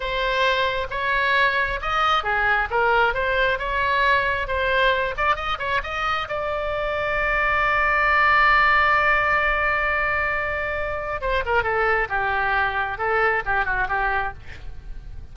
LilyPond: \new Staff \with { instrumentName = "oboe" } { \time 4/4 \tempo 4 = 134 c''2 cis''2 | dis''4 gis'4 ais'4 c''4 | cis''2 c''4. d''8 | dis''8 cis''8 dis''4 d''2~ |
d''1~ | d''1~ | d''4 c''8 ais'8 a'4 g'4~ | g'4 a'4 g'8 fis'8 g'4 | }